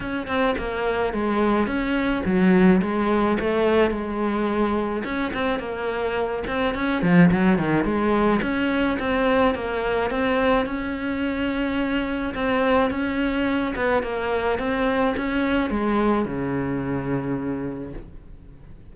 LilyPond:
\new Staff \with { instrumentName = "cello" } { \time 4/4 \tempo 4 = 107 cis'8 c'8 ais4 gis4 cis'4 | fis4 gis4 a4 gis4~ | gis4 cis'8 c'8 ais4. c'8 | cis'8 f8 fis8 dis8 gis4 cis'4 |
c'4 ais4 c'4 cis'4~ | cis'2 c'4 cis'4~ | cis'8 b8 ais4 c'4 cis'4 | gis4 cis2. | }